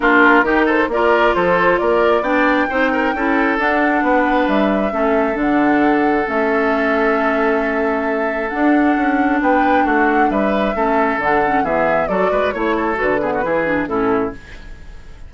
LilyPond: <<
  \new Staff \with { instrumentName = "flute" } { \time 4/4 \tempo 4 = 134 ais'4. c''8 d''4 c''4 | d''4 g''2. | fis''2 e''2 | fis''2 e''2~ |
e''2. fis''4~ | fis''4 g''4 fis''4 e''4~ | e''4 fis''4 e''4 d''4 | cis''4 b'2 a'4 | }
  \new Staff \with { instrumentName = "oboe" } { \time 4/4 f'4 g'8 a'8 ais'4 a'4 | ais'4 d''4 c''8 ais'8 a'4~ | a'4 b'2 a'4~ | a'1~ |
a'1~ | a'4 b'4 fis'4 b'4 | a'2 gis'4 a'8 b'8 | cis''8 a'4 gis'16 fis'16 gis'4 e'4 | }
  \new Staff \with { instrumentName = "clarinet" } { \time 4/4 d'4 dis'4 f'2~ | f'4 d'4 dis'4 e'4 | d'2. cis'4 | d'2 cis'2~ |
cis'2. d'4~ | d'1 | cis'4 d'8 cis'8 b4 fis'4 | e'4 fis'8 b8 e'8 d'8 cis'4 | }
  \new Staff \with { instrumentName = "bassoon" } { \time 4/4 ais4 dis4 ais4 f4 | ais4 b4 c'4 cis'4 | d'4 b4 g4 a4 | d2 a2~ |
a2. d'4 | cis'4 b4 a4 g4 | a4 d4 e4 fis8 gis8 | a4 d4 e4 a,4 | }
>>